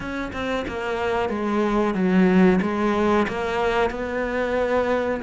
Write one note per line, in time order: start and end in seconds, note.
0.00 0.32 C#4
0.33 0.65 C4
0.67 1.29 A#3
1.29 1.94 G#3
1.94 2.59 F#3
2.61 3.26 G#3
3.28 3.90 A#3
3.90 5.20 B3